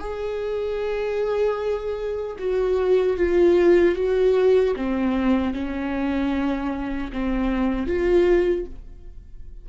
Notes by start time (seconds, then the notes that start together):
0.00 G#4
2.39 F#4
3.17 F4
3.96 F#4
4.77 C4
5.54 C#4
7.13 C4
7.87 F4